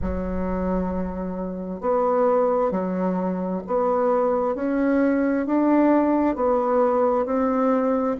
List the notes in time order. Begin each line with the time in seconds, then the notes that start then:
0.01 F#3
1.81 B3
2.71 F#3
3.66 B3
4.55 C#4
5.46 D4
6.35 B3
7.25 C4